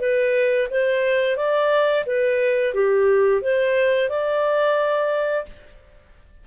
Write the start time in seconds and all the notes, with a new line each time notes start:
0.00 B4
0.71 C5
1.37 D5
2.06 B4
2.74 G4
3.42 C5
4.10 D5